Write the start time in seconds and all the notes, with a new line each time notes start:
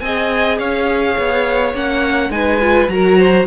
0.00 C4 G#4 D#5 G#5
0.58 C#4 C#5 F5
1.18 B3
1.74 A#3 C#4 F#5
2.30 G#3 D#4 B4 G#5
2.60 F4
2.88 F#3 F#4 A#4 A#5
3.18 C5